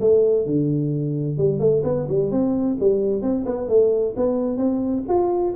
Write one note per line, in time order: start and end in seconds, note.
0.00 0.46 A3
0.46 1.37 D3
1.37 1.59 G3
1.59 1.82 A3
1.83 2.06 B3
2.08 2.31 G3
2.31 2.77 C4
2.80 3.22 G3
3.22 3.45 C4
3.45 3.68 B3
3.68 4.14 A3
4.16 4.57 B3
4.57 5.03 C4
5.08 5.54 F4